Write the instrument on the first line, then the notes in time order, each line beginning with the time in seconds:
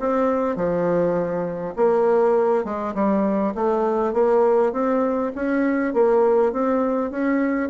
bassoon
0.00 C4
0.56 F3
1.76 A#3
2.65 G#3
2.95 G3
3.55 A3
4.14 A#3
4.73 C4
5.36 C#4
5.94 A#3
6.53 C4
7.11 C#4